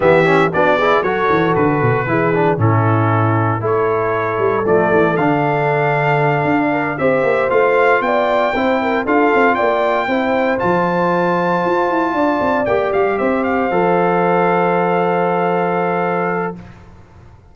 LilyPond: <<
  \new Staff \with { instrumentName = "trumpet" } { \time 4/4 \tempo 4 = 116 e''4 d''4 cis''4 b'4~ | b'4 a'2 cis''4~ | cis''4 d''4 f''2~ | f''4. e''4 f''4 g''8~ |
g''4. f''4 g''4.~ | g''8 a''2.~ a''8~ | a''8 g''8 f''8 e''8 f''2~ | f''1 | }
  \new Staff \with { instrumentName = "horn" } { \time 4/4 g'4 fis'8 gis'8 a'2 | gis'4 e'2 a'4~ | a'1~ | a'4 ais'8 c''2 d''8~ |
d''8 c''8 ais'8 a'4 d''4 c''8~ | c''2.~ c''8 d''8~ | d''4. c''2~ c''8~ | c''1 | }
  \new Staff \with { instrumentName = "trombone" } { \time 4/4 b8 cis'8 d'8 e'8 fis'2 | e'8 d'8 cis'2 e'4~ | e'4 a4 d'2~ | d'4. g'4 f'4.~ |
f'8 e'4 f'2 e'8~ | e'8 f'2.~ f'8~ | f'8 g'2 a'4.~ | a'1 | }
  \new Staff \with { instrumentName = "tuba" } { \time 4/4 e4 b4 fis8 e8 d8 b,8 | e4 a,2 a4~ | a8 g8 f8 e8 d2~ | d8 d'4 c'8 ais8 a4 b8~ |
b8 c'4 d'8 c'8 ais4 c'8~ | c'8 f2 f'8 e'8 d'8 | c'8 ais8 g8 c'4 f4.~ | f1 | }
>>